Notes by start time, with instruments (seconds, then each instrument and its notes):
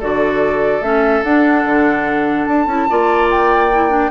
0.00 bassoon D3, clarinet F#4, oboe A4, flute D5
0.81 bassoon A3, clarinet C#4, flute E5
1.24 bassoon D4, clarinet D4, flute F#5
1.65 bassoon D3
2.46 bassoon D4, flute A5
2.67 bassoon C#4, clarinet E4
2.90 bassoon A#3, clarinet F4, oboe D5
3.31 flute G5
3.73 clarinet E4
3.89 clarinet D4